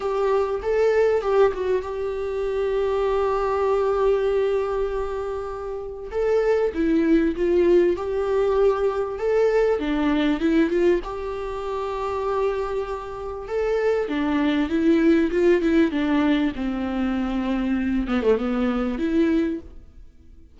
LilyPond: \new Staff \with { instrumentName = "viola" } { \time 4/4 \tempo 4 = 98 g'4 a'4 g'8 fis'8 g'4~ | g'1~ | g'2 a'4 e'4 | f'4 g'2 a'4 |
d'4 e'8 f'8 g'2~ | g'2 a'4 d'4 | e'4 f'8 e'8 d'4 c'4~ | c'4. b16 a16 b4 e'4 | }